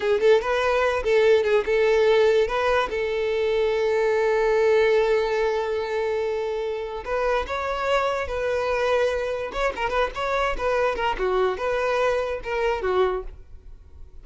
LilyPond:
\new Staff \with { instrumentName = "violin" } { \time 4/4 \tempo 4 = 145 gis'8 a'8 b'4. a'4 gis'8 | a'2 b'4 a'4~ | a'1~ | a'1~ |
a'4 b'4 cis''2 | b'2. cis''8 ais'8 | b'8 cis''4 b'4 ais'8 fis'4 | b'2 ais'4 fis'4 | }